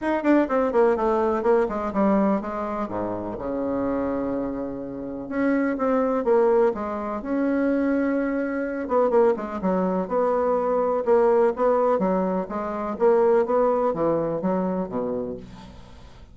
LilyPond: \new Staff \with { instrumentName = "bassoon" } { \time 4/4 \tempo 4 = 125 dis'8 d'8 c'8 ais8 a4 ais8 gis8 | g4 gis4 gis,4 cis4~ | cis2. cis'4 | c'4 ais4 gis4 cis'4~ |
cis'2~ cis'8 b8 ais8 gis8 | fis4 b2 ais4 | b4 fis4 gis4 ais4 | b4 e4 fis4 b,4 | }